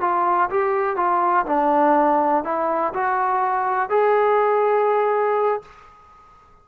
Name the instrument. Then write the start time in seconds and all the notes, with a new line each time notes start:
trombone
0.00 F4
0.50 G4
0.96 F4
1.46 D4
2.44 E4
2.94 F#4
3.89 G#4